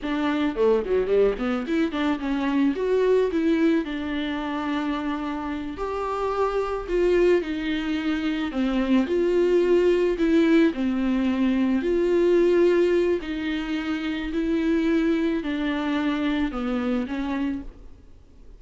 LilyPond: \new Staff \with { instrumentName = "viola" } { \time 4/4 \tempo 4 = 109 d'4 a8 fis8 g8 b8 e'8 d'8 | cis'4 fis'4 e'4 d'4~ | d'2~ d'8 g'4.~ | g'8 f'4 dis'2 c'8~ |
c'8 f'2 e'4 c'8~ | c'4. f'2~ f'8 | dis'2 e'2 | d'2 b4 cis'4 | }